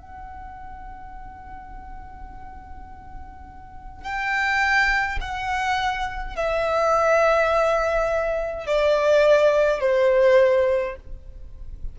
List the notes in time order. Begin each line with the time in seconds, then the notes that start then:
0.00 F#5
4.04 G5
5.21 F#5
6.37 E5
8.67 D5
9.81 C5